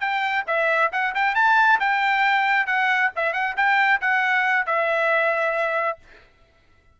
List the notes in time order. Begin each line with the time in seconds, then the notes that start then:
0.00 G5
0.47 E5
0.92 F#5
1.15 G5
1.35 A5
1.80 G5
2.66 F#5
3.16 E5
3.33 F#5
3.56 G5
4.01 F#5
4.66 E5